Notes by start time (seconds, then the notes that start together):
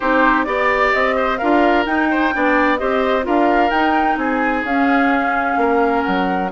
0.00 C4 D#4 G4 C5
0.43 B3 G4 D5
0.92 C4 D#5
1.16 C5
1.37 D4 F4 A#4 F5
1.85 D#4 G5
2.10 C5
2.33 B3 D4 D5
2.77 C4 G4 C5 D#5
3.22 D4 F4 A#4 F5
3.70 D#4 G5
4.17 C4 G#4 G#5
4.63 C#4 F5
5.56 A#3 A#4
6.03 F#3 F#5